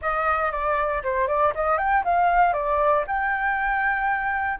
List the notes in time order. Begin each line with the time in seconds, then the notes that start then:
0.01 D#5
0.51 D5
1.03 C5
1.27 D5
1.54 D#5
1.78 G5
2.04 F5
2.53 D5
3.07 G5